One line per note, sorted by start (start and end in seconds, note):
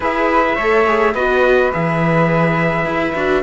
0.00 0.57 E4
0.00 0.58 G#4
0.00 0.55 B4
0.00 1.15 E5
0.55 1.14 A3
0.55 0.86 A4
0.55 1.12 C#5
0.86 1.14 G#4
1.13 1.71 B3
1.13 1.72 F#4
1.13 3.41 B4
1.13 1.72 D#5
1.72 2.85 E3
1.72 3.14 G#4
1.72 3.43 E5
2.85 3.13 E4
3.15 3.43 D4
3.15 3.43 F#4